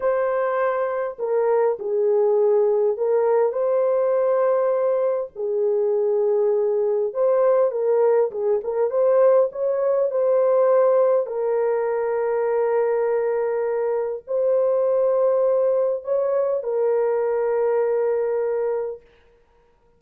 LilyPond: \new Staff \with { instrumentName = "horn" } { \time 4/4 \tempo 4 = 101 c''2 ais'4 gis'4~ | gis'4 ais'4 c''2~ | c''4 gis'2. | c''4 ais'4 gis'8 ais'8 c''4 |
cis''4 c''2 ais'4~ | ais'1 | c''2. cis''4 | ais'1 | }